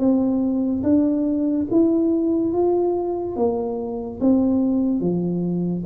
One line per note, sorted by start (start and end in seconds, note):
0.00 0.83 C4
0.84 1.67 D4
1.71 2.53 E4
2.53 3.36 F4
3.37 4.20 A#3
4.21 5.01 C4
5.01 5.84 F3